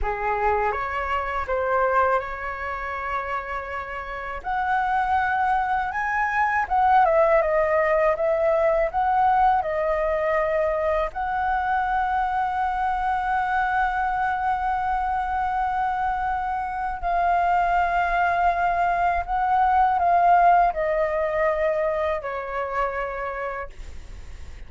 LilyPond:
\new Staff \with { instrumentName = "flute" } { \time 4/4 \tempo 4 = 81 gis'4 cis''4 c''4 cis''4~ | cis''2 fis''2 | gis''4 fis''8 e''8 dis''4 e''4 | fis''4 dis''2 fis''4~ |
fis''1~ | fis''2. f''4~ | f''2 fis''4 f''4 | dis''2 cis''2 | }